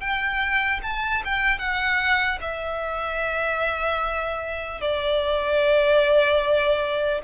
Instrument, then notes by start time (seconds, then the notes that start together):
violin
0.00 G5
0.82 A5
1.24 G5
1.58 F#5
2.41 E5
4.81 D5